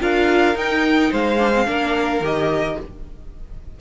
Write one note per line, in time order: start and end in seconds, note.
0.00 0.55 D4
0.00 0.54 F4
0.00 1.11 A#4
0.00 0.57 F5
0.54 1.38 D#4
0.54 1.10 D#4
0.54 1.13 G5
1.11 1.67 G#3
1.11 1.66 C5
1.11 2.25 F5
1.38 1.52 D4
1.54 1.66 C4
1.66 2.20 A#3
1.66 2.21 D4
1.66 2.79 A#4
2.20 2.76 D#3
2.20 2.79 G4
2.20 2.80 D#5